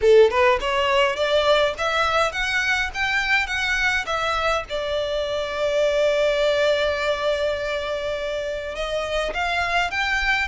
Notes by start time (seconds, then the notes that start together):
0.01 A4
0.30 B4
0.60 C#5
1.16 D5
1.78 E5
2.32 F#5
2.94 G5
3.46 F#5
4.06 E5
4.69 D5
8.75 D#5
9.34 F5
9.91 G5